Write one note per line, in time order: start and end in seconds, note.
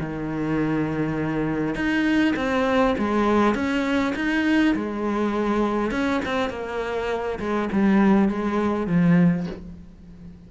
0.00 1.75 D#3
1.75 2.34 D#4
2.36 2.96 C4
2.98 3.55 G#3
3.55 4.14 C#4
4.16 4.75 D#4
4.76 5.91 G#3
5.91 6.21 C#4
6.26 6.50 C4
6.50 7.39 A#3
7.40 7.69 G#3
7.72 8.29 G3
8.29 8.87 G#3
8.87 9.47 F3